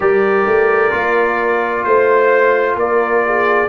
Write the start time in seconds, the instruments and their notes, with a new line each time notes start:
0.00 tuba G3, trombone G4, horn A#4, trumpet D5
0.46 tuba A3
0.91 tuba A#3, trombone F4
1.83 tuba A3, trumpet C5, horn C5
2.75 tuba A#3, horn A#4, trumpet D5
3.25 horn G#4